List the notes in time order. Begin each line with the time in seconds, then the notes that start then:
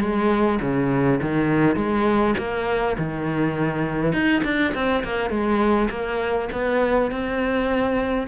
0.00 G#3
0.61 C#3
1.21 D#3
1.76 G#3
2.38 A#3
2.98 D#3
4.13 D#4
4.44 D4
4.74 C4
5.04 A#3
5.30 G#3
5.90 A#3
6.52 B3
7.11 C4